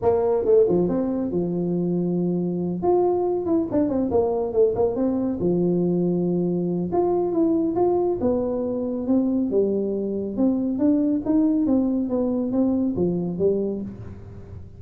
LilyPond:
\new Staff \with { instrumentName = "tuba" } { \time 4/4 \tempo 4 = 139 ais4 a8 f8 c'4 f4~ | f2~ f8 f'4. | e'8 d'8 c'8 ais4 a8 ais8 c'8~ | c'8 f2.~ f8 |
f'4 e'4 f'4 b4~ | b4 c'4 g2 | c'4 d'4 dis'4 c'4 | b4 c'4 f4 g4 | }